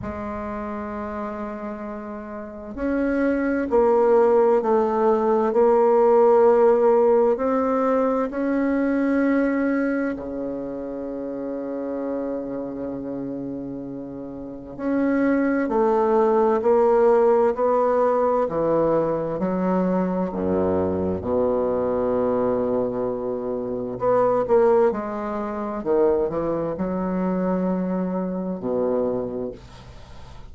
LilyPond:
\new Staff \with { instrumentName = "bassoon" } { \time 4/4 \tempo 4 = 65 gis2. cis'4 | ais4 a4 ais2 | c'4 cis'2 cis4~ | cis1 |
cis'4 a4 ais4 b4 | e4 fis4 fis,4 b,4~ | b,2 b8 ais8 gis4 | dis8 e8 fis2 b,4 | }